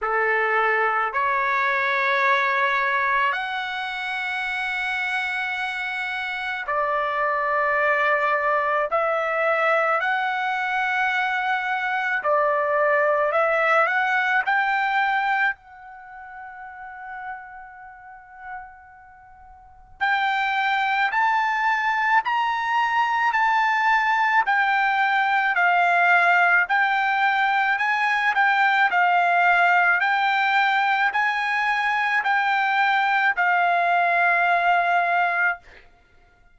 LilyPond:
\new Staff \with { instrumentName = "trumpet" } { \time 4/4 \tempo 4 = 54 a'4 cis''2 fis''4~ | fis''2 d''2 | e''4 fis''2 d''4 | e''8 fis''8 g''4 fis''2~ |
fis''2 g''4 a''4 | ais''4 a''4 g''4 f''4 | g''4 gis''8 g''8 f''4 g''4 | gis''4 g''4 f''2 | }